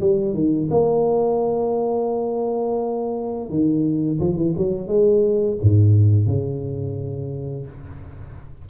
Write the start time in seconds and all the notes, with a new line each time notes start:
0.00 G3
0.34 D#3
0.70 A#3
3.49 D#3
4.20 F3
4.36 E3
4.57 F#3
4.87 G#3
5.62 G#2
6.26 C#3